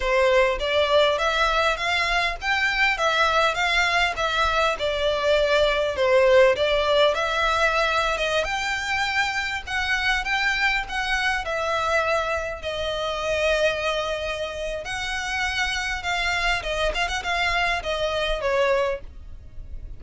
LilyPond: \new Staff \with { instrumentName = "violin" } { \time 4/4 \tempo 4 = 101 c''4 d''4 e''4 f''4 | g''4 e''4 f''4 e''4 | d''2 c''4 d''4 | e''4.~ e''16 dis''8 g''4.~ g''16~ |
g''16 fis''4 g''4 fis''4 e''8.~ | e''4~ e''16 dis''2~ dis''8.~ | dis''4 fis''2 f''4 | dis''8 f''16 fis''16 f''4 dis''4 cis''4 | }